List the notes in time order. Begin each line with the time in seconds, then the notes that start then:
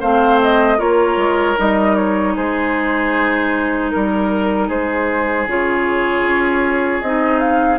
0.00 A3 C4 C5 F5
0.43 D#5
0.78 A#3 F4 A#4 C#5
1.17 G#3
1.57 G3 D#4 D#5
1.96 C#5
2.36 G#3 G#4 C5
3.91 G3 A#4
4.68 G#3 G#4 C5
5.47 C#3 F4 C#5
6.22 C#4
7.02 C4 D#4 D#5
7.39 F5